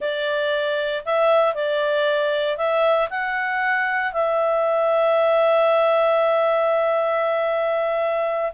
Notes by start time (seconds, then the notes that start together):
0.00 D5
1.05 E5
1.54 D5
2.57 E5
3.09 F#5
4.12 E5